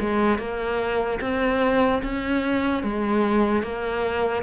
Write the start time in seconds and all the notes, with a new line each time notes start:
0.00 G#3
0.38 A#3
1.21 C4
2.03 C#4
2.83 G#3
3.63 A#3